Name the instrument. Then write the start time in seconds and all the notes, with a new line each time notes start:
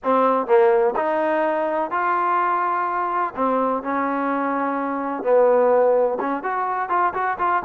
trombone
0.03 C4
0.46 A#3
0.95 D#4
1.90 F4
3.35 C4
3.82 C#4
5.23 B3
6.20 C#4
6.43 F#4
6.89 F4
7.13 F#4
7.38 F4